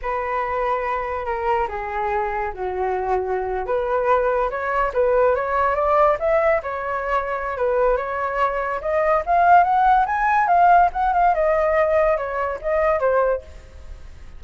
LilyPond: \new Staff \with { instrumentName = "flute" } { \time 4/4 \tempo 4 = 143 b'2. ais'4 | gis'2 fis'2~ | fis'8. b'2 cis''4 b'16~ | b'8. cis''4 d''4 e''4 cis''16~ |
cis''2 b'4 cis''4~ | cis''4 dis''4 f''4 fis''4 | gis''4 f''4 fis''8 f''8 dis''4~ | dis''4 cis''4 dis''4 c''4 | }